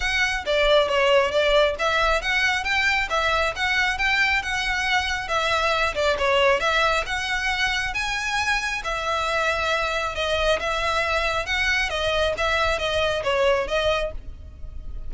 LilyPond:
\new Staff \with { instrumentName = "violin" } { \time 4/4 \tempo 4 = 136 fis''4 d''4 cis''4 d''4 | e''4 fis''4 g''4 e''4 | fis''4 g''4 fis''2 | e''4. d''8 cis''4 e''4 |
fis''2 gis''2 | e''2. dis''4 | e''2 fis''4 dis''4 | e''4 dis''4 cis''4 dis''4 | }